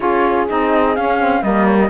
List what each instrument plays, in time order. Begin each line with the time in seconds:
0.00 cello C#4, saxophone F4, horn G#4, flute C#5
0.48 cello C4, saxophone D#4, flute D#5
0.95 saxophone C#4, cello C#4, flute F5
1.18 saxophone C4
1.42 cello G3, saxophone A#3, horn A#4, flute D#5
1.65 flute C#5
1.79 flute D#5